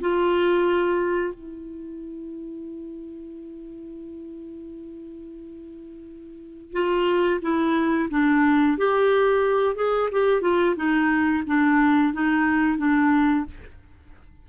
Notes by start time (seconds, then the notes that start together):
0.00 F4
1.34 E4
6.72 F4
7.41 E4
8.10 D4
8.78 G4
9.75 G#4
10.11 G4
10.41 F4
10.76 D#4
11.46 D4
12.13 D#4
12.78 D4